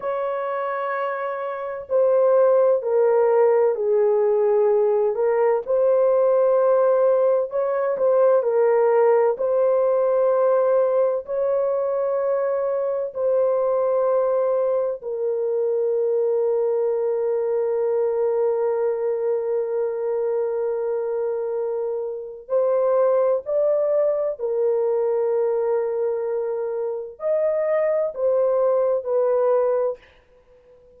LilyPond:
\new Staff \with { instrumentName = "horn" } { \time 4/4 \tempo 4 = 64 cis''2 c''4 ais'4 | gis'4. ais'8 c''2 | cis''8 c''8 ais'4 c''2 | cis''2 c''2 |
ais'1~ | ais'1 | c''4 d''4 ais'2~ | ais'4 dis''4 c''4 b'4 | }